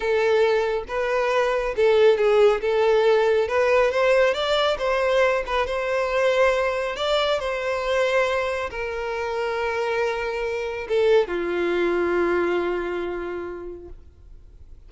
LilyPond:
\new Staff \with { instrumentName = "violin" } { \time 4/4 \tempo 4 = 138 a'2 b'2 | a'4 gis'4 a'2 | b'4 c''4 d''4 c''4~ | c''8 b'8 c''2. |
d''4 c''2. | ais'1~ | ais'4 a'4 f'2~ | f'1 | }